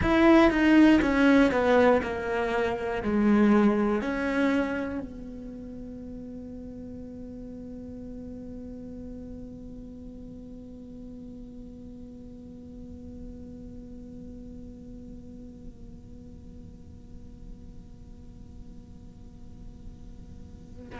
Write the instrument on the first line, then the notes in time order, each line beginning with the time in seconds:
cello
0.01 E4
0.50 D#4
1.01 C#4
1.51 B3
2.02 A#3
3.02 G#3
4.01 C#4
5.00 B3